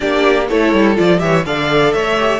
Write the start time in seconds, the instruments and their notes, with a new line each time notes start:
0.00 cello A#3, viola D4, violin G4 D5
0.47 cello A3, viola E4, violin A4 C#5
0.72 cello G3
0.95 cello F3, viola F4, violin D5
1.18 cello E3, viola G4, violin C#5 E5
1.45 cello D3, viola A4, violin D5 F5
1.92 cello A3, violin C#5 E5
2.19 viola G4